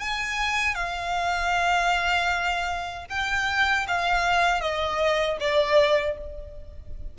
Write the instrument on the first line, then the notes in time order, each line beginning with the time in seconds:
violin
0.00 G#5
0.75 F5
3.10 G5
3.88 F5
4.61 D#5
5.40 D5